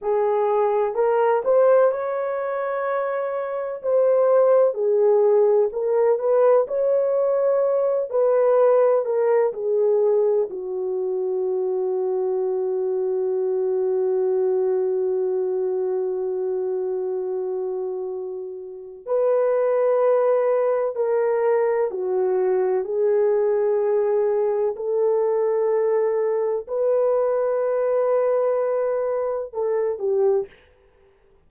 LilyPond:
\new Staff \with { instrumentName = "horn" } { \time 4/4 \tempo 4 = 63 gis'4 ais'8 c''8 cis''2 | c''4 gis'4 ais'8 b'8 cis''4~ | cis''8 b'4 ais'8 gis'4 fis'4~ | fis'1~ |
fis'1 | b'2 ais'4 fis'4 | gis'2 a'2 | b'2. a'8 g'8 | }